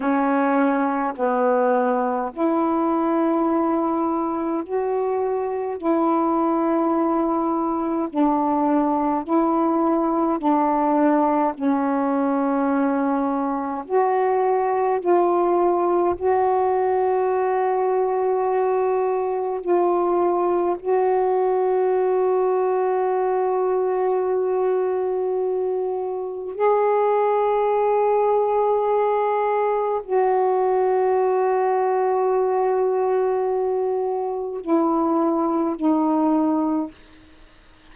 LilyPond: \new Staff \with { instrumentName = "saxophone" } { \time 4/4 \tempo 4 = 52 cis'4 b4 e'2 | fis'4 e'2 d'4 | e'4 d'4 cis'2 | fis'4 f'4 fis'2~ |
fis'4 f'4 fis'2~ | fis'2. gis'4~ | gis'2 fis'2~ | fis'2 e'4 dis'4 | }